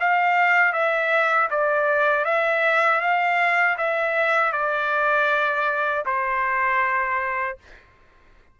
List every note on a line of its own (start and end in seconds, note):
0.00 0.73 F5
0.73 1.49 E5
1.50 2.25 D5
2.25 3.01 E5
3.01 3.77 F5
3.77 4.53 E5
4.53 6.04 D5
6.06 7.57 C5